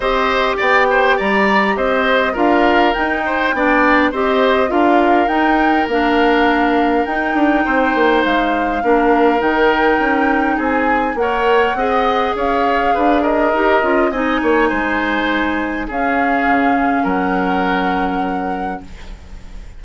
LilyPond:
<<
  \new Staff \with { instrumentName = "flute" } { \time 4/4 \tempo 4 = 102 dis''4 g''4 ais''4 dis''4 | f''4 g''2 dis''4 | f''4 g''4 f''2 | g''2 f''2 |
g''2 gis''4 fis''4~ | fis''4 f''4. dis''4. | gis''2. f''4~ | f''4 fis''2. | }
  \new Staff \with { instrumentName = "oboe" } { \time 4/4 c''4 d''8 c''8 d''4 c''4 | ais'4. c''8 d''4 c''4 | ais'1~ | ais'4 c''2 ais'4~ |
ais'2 gis'4 cis''4 | dis''4 cis''4 b'8 ais'4. | dis''8 cis''8 c''2 gis'4~ | gis'4 ais'2. | }
  \new Staff \with { instrumentName = "clarinet" } { \time 4/4 g'1 | f'4 dis'4 d'4 g'4 | f'4 dis'4 d'2 | dis'2. d'4 |
dis'2. ais'4 | gis'2. g'8 f'8 | dis'2. cis'4~ | cis'1 | }
  \new Staff \with { instrumentName = "bassoon" } { \time 4/4 c'4 b4 g4 c'4 | d'4 dis'4 b4 c'4 | d'4 dis'4 ais2 | dis'8 d'8 c'8 ais8 gis4 ais4 |
dis4 cis'4 c'4 ais4 | c'4 cis'4 d'4 dis'8 cis'8 | c'8 ais8 gis2 cis'4 | cis4 fis2. | }
>>